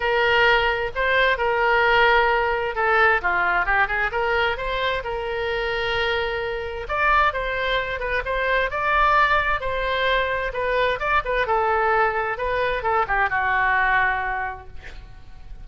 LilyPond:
\new Staff \with { instrumentName = "oboe" } { \time 4/4 \tempo 4 = 131 ais'2 c''4 ais'4~ | ais'2 a'4 f'4 | g'8 gis'8 ais'4 c''4 ais'4~ | ais'2. d''4 |
c''4. b'8 c''4 d''4~ | d''4 c''2 b'4 | d''8 b'8 a'2 b'4 | a'8 g'8 fis'2. | }